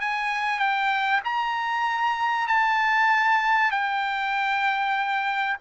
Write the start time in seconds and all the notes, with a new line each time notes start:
0.00 G#5
0.59 G5
1.24 A#5
2.47 A5
3.71 G5